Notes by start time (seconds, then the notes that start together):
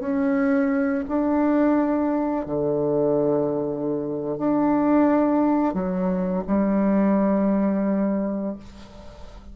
0.00 C#4
1.08 D4
2.46 D3
4.38 D4
5.74 F#3
6.47 G3